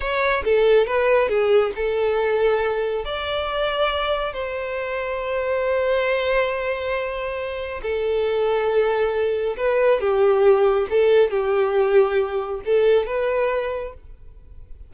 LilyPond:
\new Staff \with { instrumentName = "violin" } { \time 4/4 \tempo 4 = 138 cis''4 a'4 b'4 gis'4 | a'2. d''4~ | d''2 c''2~ | c''1~ |
c''2 a'2~ | a'2 b'4 g'4~ | g'4 a'4 g'2~ | g'4 a'4 b'2 | }